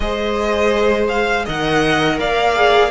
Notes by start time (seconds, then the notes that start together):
0.00 G#3 G#4 C5 D#5
1.08 F5
1.45 D#3 A#4 D#5 F#5
2.19 A#3 D5 F5
2.55 G#4